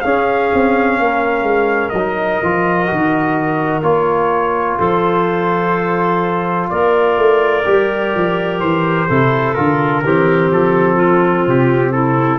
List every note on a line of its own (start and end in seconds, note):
0.00 1.93 C#4
0.00 0.51 C#4
0.00 0.98 G#4
0.00 1.89 F5
0.53 0.99 C4
0.98 1.42 A#3
0.98 4.78 A#4
1.42 1.89 G#3
1.89 2.40 F#3
1.89 3.79 D#5
1.98 2.43 D#4
2.42 2.90 F3
2.42 2.87 F4
2.87 3.82 D#3
2.87 3.82 F#4
3.82 4.77 A#3
3.82 7.63 F4
3.82 4.78 C#5
4.78 6.70 F3
4.78 6.69 A4
4.78 6.69 C5
6.69 7.17 A#3
6.69 9.08 A#4
6.69 8.60 D5
7.17 7.65 A3
7.65 8.14 G3
7.65 9.08 G4
8.15 8.61 F3
8.60 9.08 E3
8.60 9.53 C5
9.08 9.57 C3
9.08 9.55 E4
9.08 10.03 A4
9.53 10.04 D3
9.53 10.03 F4
9.53 10.48 A#4
10.04 10.51 E3
10.04 12.38 C4
10.04 10.96 G4
10.51 11.46 F3
10.51 11.47 A4
10.96 11.91 F4
11.46 12.38 C3
11.46 11.92 G4
11.92 12.38 E4
11.92 12.38 A4